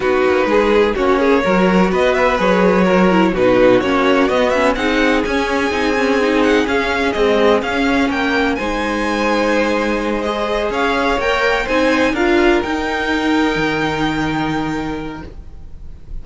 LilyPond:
<<
  \new Staff \with { instrumentName = "violin" } { \time 4/4 \tempo 4 = 126 b'2 cis''2 | dis''8 e''8 cis''2 b'4 | cis''4 dis''8 e''8 fis''4 gis''4~ | gis''4. fis''8 f''4 dis''4 |
f''4 g''4 gis''2~ | gis''4. dis''4 f''4 g''8~ | g''8 gis''4 f''4 g''4.~ | g''1 | }
  \new Staff \with { instrumentName = "violin" } { \time 4/4 fis'4 gis'4 fis'8 gis'8 ais'4 | b'2 ais'4 fis'4~ | fis'2 gis'2~ | gis'1~ |
gis'4 ais'4 c''2~ | c''2~ c''8 cis''4.~ | cis''8 c''4 ais'2~ ais'8~ | ais'1 | }
  \new Staff \with { instrumentName = "viola" } { \time 4/4 dis'2 cis'4 fis'4~ | fis'4 gis'4 fis'8 e'8 dis'4 | cis'4 b8 cis'8 dis'4 cis'4 | dis'8 cis'8 dis'4 cis'4 gis4 |
cis'2 dis'2~ | dis'4. gis'2 ais'8~ | ais'8 dis'4 f'4 dis'4.~ | dis'1 | }
  \new Staff \with { instrumentName = "cello" } { \time 4/4 b8 ais8 gis4 ais4 fis4 | b4 fis2 b,4 | ais4 b4 c'4 cis'4 | c'2 cis'4 c'4 |
cis'4 ais4 gis2~ | gis2~ gis8 cis'4 ais8~ | ais8 c'4 d'4 dis'4.~ | dis'8 dis2.~ dis8 | }
>>